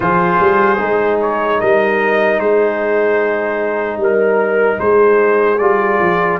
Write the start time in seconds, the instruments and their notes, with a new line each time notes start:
0.00 tuba F3, trombone F4, horn G#4, trumpet C5
0.40 tuba G3
0.78 tuba G#3, trombone D#4
1.21 trumpet C#5
1.59 tuba G3, horn A#4, trumpet D#5
2.39 tuba G#3, horn G#4, trumpet C5
3.97 tuba G3, horn A#4
4.03 trumpet A#4
4.79 tuba G#3, horn G#4, trumpet C5
5.58 tuba G3, trombone F4, trumpet D5
6.00 tuba F3